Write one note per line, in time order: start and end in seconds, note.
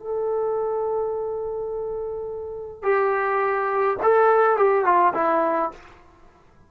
0.00 2.83 A4
2.83 3.97 G4
4.03 4.57 A4
4.57 4.85 G4
4.85 5.14 F4
5.14 5.71 E4